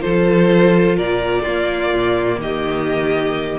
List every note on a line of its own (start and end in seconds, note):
0.00 0.98 F3
0.00 1.43 F4
0.00 0.97 A4
0.00 0.96 C5
0.97 1.46 A#2
0.97 1.42 A#4
0.97 2.40 D5
1.42 1.94 A#3
1.42 3.59 A#3
1.42 2.38 F4
1.94 2.38 A#2
2.38 3.57 D#3
2.38 3.59 G4
2.38 3.59 D#5